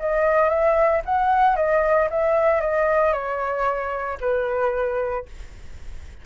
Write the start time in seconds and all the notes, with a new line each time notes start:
0.00 D#5
0.50 E5
1.06 F#5
1.57 D#5
2.11 E5
2.61 D#5
3.13 C#5
4.21 B4